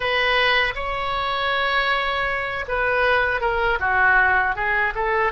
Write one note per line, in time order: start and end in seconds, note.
0.00 0.74 B4
0.75 2.65 C#5
2.68 3.40 B4
3.40 3.78 A#4
3.79 4.55 F#4
4.55 4.93 G#4
4.94 5.32 A4